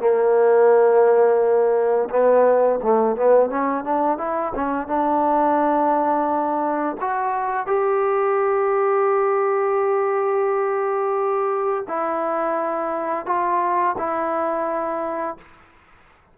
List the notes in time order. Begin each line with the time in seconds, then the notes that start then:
0.00 A#3
2.10 B3
2.83 A3
3.16 B3
3.50 C#4
3.84 D4
4.18 E4
4.55 C#4
4.87 D4
7.01 F#4
7.67 G4
11.88 E4
13.26 F4
13.98 E4